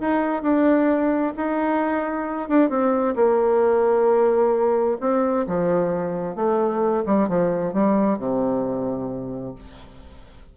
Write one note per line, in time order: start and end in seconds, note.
0.00 0.42 D#4
0.42 1.33 D4
1.37 2.49 D#4
2.49 2.69 D4
2.69 3.15 C4
3.15 4.97 A#3
5.00 5.46 C4
5.47 6.35 F3
6.35 7.04 A3
7.06 7.28 G3
7.28 7.73 F3
7.73 8.18 G3
8.18 9.55 C3